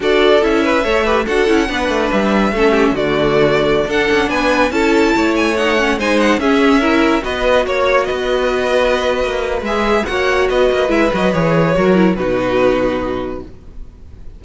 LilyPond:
<<
  \new Staff \with { instrumentName = "violin" } { \time 4/4 \tempo 4 = 143 d''4 e''2 fis''4~ | fis''4 e''2 d''4~ | d''4~ d''16 fis''4 gis''4 a''8.~ | a''8. gis''8 fis''4 gis''8 fis''8 e''8.~ |
e''4~ e''16 dis''4 cis''4 dis''8.~ | dis''2. e''4 | fis''4 dis''4 e''8 dis''8 cis''4~ | cis''4 b'2. | }
  \new Staff \with { instrumentName = "violin" } { \time 4/4 a'4. b'8 cis''8 b'8 a'4 | b'2 a'8 g'8 fis'4~ | fis'4~ fis'16 a'4 b'4 a'8.~ | a'16 cis''2 c''4 gis'8.~ |
gis'16 ais'4 b'4 cis''4 b'8.~ | b'1 | cis''4 b'2. | ais'4 fis'2. | }
  \new Staff \with { instrumentName = "viola" } { \time 4/4 fis'4 e'4 a'8 g'8 fis'8 e'8 | d'2 cis'4 a4~ | a4~ a16 d'2 e'8.~ | e'4~ e'16 dis'8 cis'8 dis'4 cis'8.~ |
cis'16 e'4 fis'2~ fis'8.~ | fis'2. gis'4 | fis'2 e'8 fis'8 gis'4 | fis'8 e'8 dis'2. | }
  \new Staff \with { instrumentName = "cello" } { \time 4/4 d'4 cis'4 a4 d'8 cis'8 | b8 a8 g4 a4 d4~ | d4~ d16 d'8 cis'8 b4 cis'8.~ | cis'16 a2 gis4 cis'8.~ |
cis'4~ cis'16 b4 ais4 b8.~ | b2 ais4 gis4 | ais4 b8 ais8 gis8 fis8 e4 | fis4 b,2. | }
>>